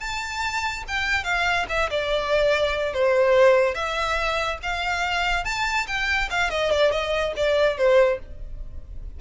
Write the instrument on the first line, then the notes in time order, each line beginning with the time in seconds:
violin
0.00 A5
0.88 G5
1.24 F5
1.69 E5
1.91 D5
2.94 C5
3.75 E5
4.63 F5
5.45 A5
5.87 G5
6.31 F5
6.50 D#5
6.71 D5
6.92 D#5
7.36 D5
7.78 C5